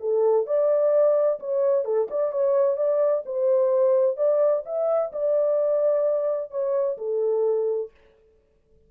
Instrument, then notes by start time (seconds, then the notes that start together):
horn
0.00 A4
0.46 D5
1.40 C#5
1.85 A4
2.10 D5
2.32 C#5
2.77 D5
3.26 C5
4.16 D5
4.66 E5
5.12 D5
6.51 C#5
6.98 A4